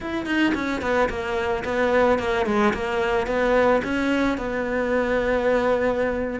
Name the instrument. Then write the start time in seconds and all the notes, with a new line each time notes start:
cello
0.00 E4
0.26 D#4
0.54 C#4
0.81 B3
1.09 A#3
1.64 B3
2.18 A#3
2.45 G#3
2.73 A#3
3.27 B3
3.83 C#4
4.37 B3